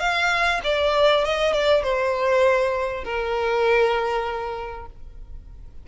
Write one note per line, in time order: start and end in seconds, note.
0.00 0.61 F5
0.64 1.25 D5
1.25 1.53 D#5
1.53 1.83 D5
1.83 3.04 C5
3.04 4.86 A#4